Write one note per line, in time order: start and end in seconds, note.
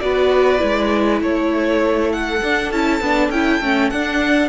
0.00 0.62 B3
0.00 0.59 F#4
0.00 1.22 B4
0.00 1.20 D5
0.59 1.21 G#3
0.59 2.39 E4
1.21 2.41 A3
1.21 4.50 A4
1.21 2.12 C#5
2.12 2.72 F#5
2.42 2.71 D4
2.42 2.73 D4
2.71 3.01 C#4
2.71 3.03 E4
2.71 3.31 A5
3.01 3.29 B3
3.01 3.33 D4
3.29 3.60 C#4
3.29 3.62 E4
3.29 3.90 G5
3.61 3.91 A3
3.61 3.92 C#4
3.90 4.50 D4
3.90 4.50 F#5